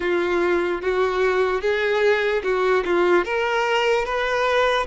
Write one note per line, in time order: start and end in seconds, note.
0.00 0.81 F4
0.81 1.61 F#4
1.61 2.42 G#4
2.43 2.83 F#4
2.85 3.24 F4
3.24 4.05 A#4
4.05 4.86 B4